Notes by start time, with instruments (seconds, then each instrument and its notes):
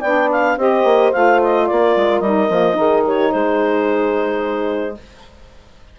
0.00 bassoon B3, saxophone D4, horn D5, clarinet G5
0.31 clarinet F5
0.57 bassoon C4, saxophone G4, horn C5, clarinet D#5
0.84 bassoon A#3
1.12 bassoon A3, saxophone F4, clarinet F5
1.43 clarinet D#5
1.67 bassoon A#3, horn A#4, clarinet D5
1.96 bassoon G#3
2.19 bassoon G3, saxophone D#4, clarinet D#5
2.49 bassoon F3, saxophone A#3
2.74 bassoon D#3, saxophone D#4, horn G#4
3.05 horn G4, clarinet C#5
3.32 bassoon G#3, horn G#4, clarinet C5